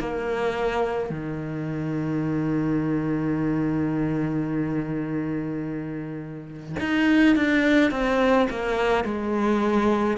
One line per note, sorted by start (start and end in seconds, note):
0.00 1.10 A#3
1.10 6.76 D#3
6.80 7.36 D#4
7.36 7.91 D4
7.91 8.48 C4
8.50 9.05 A#3
9.05 10.18 G#3